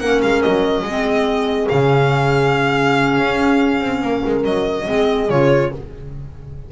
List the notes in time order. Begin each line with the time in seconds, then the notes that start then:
0.00 A#3 C#4 A#4 F#5
0.22 G#3 F5
0.42 F#3 D#5
0.82 G#3 G#4
0.89 C4
1.68 C#3 C#4 F5
3.18 C#4
3.81 C4
4.02 A#3 A#4
4.26 G#3
4.44 F#3 D#5
4.86 G#3 C4 G#4
5.30 C#3 F4 C#5